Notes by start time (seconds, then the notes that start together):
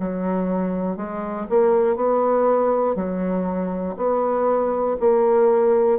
0.00 F#3
0.97 G#3
1.50 A#3
1.96 B3
2.95 F#3
3.97 B3
5.00 A#3